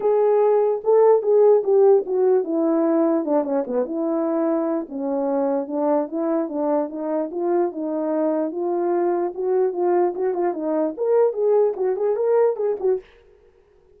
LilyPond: \new Staff \with { instrumentName = "horn" } { \time 4/4 \tempo 4 = 148 gis'2 a'4 gis'4 | g'4 fis'4 e'2 | d'8 cis'8 b8 e'2~ e'8 | cis'2 d'4 e'4 |
d'4 dis'4 f'4 dis'4~ | dis'4 f'2 fis'4 | f'4 fis'8 f'8 dis'4 ais'4 | gis'4 fis'8 gis'8 ais'4 gis'8 fis'8 | }